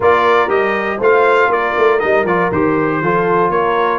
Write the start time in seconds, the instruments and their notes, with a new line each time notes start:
0.00 tuba A#3, trombone F4, horn A#4, trumpet D5
0.48 tuba G3, trombone G4, trumpet D#5
0.97 tuba A3, trombone F4, horn C5, trumpet F5
1.48 tuba A#3, horn A#4, trumpet D5
1.77 tuba A3
1.99 tuba G3, trombone D#4, trumpet D#5
2.24 tuba F3, trombone F4, trumpet D5
2.51 tuba D#3, trombone G4, trumpet C5
3.01 tuba F3, trombone F4, horn A4
3.49 tuba A#3, horn A#4, trumpet C#5